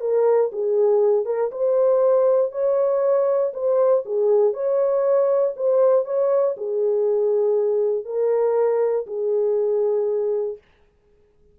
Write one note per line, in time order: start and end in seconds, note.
0.00 0.50 A#4
0.52 1.25 G#4
1.25 1.50 A#4
1.51 2.52 C5
2.52 3.52 C#5
3.53 4.04 C5
4.05 4.53 G#4
4.53 5.54 C#5
5.56 6.05 C5
6.05 6.55 C#5
6.57 8.05 G#4
8.05 9.05 A#4
9.06 10.57 G#4